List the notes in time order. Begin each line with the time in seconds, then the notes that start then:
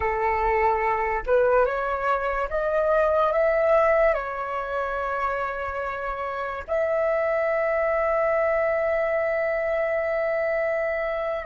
0.00 A4
1.26 B4
1.65 C#5
2.49 D#5
3.32 E5
4.14 C#5
6.67 E5